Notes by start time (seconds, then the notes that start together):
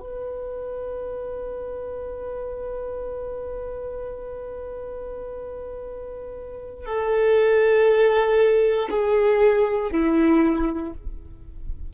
0.00 B4
6.86 A4
8.90 G#4
9.92 E4